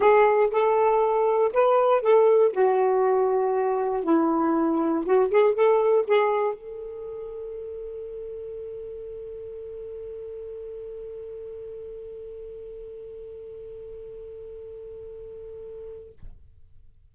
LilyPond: \new Staff \with { instrumentName = "saxophone" } { \time 4/4 \tempo 4 = 119 gis'4 a'2 b'4 | a'4 fis'2. | e'2 fis'8 gis'8 a'4 | gis'4 a'2.~ |
a'1~ | a'1~ | a'1~ | a'1 | }